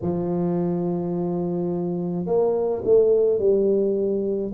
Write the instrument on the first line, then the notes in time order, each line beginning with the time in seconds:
tuba
0.01 F3
2.25 A#3
2.84 A3
3.39 G3